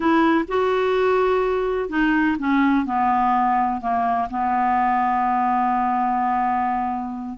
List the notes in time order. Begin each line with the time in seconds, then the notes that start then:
0.00 E4
0.48 F#4
1.89 D#4
2.38 C#4
2.85 B3
3.81 A#3
4.30 B3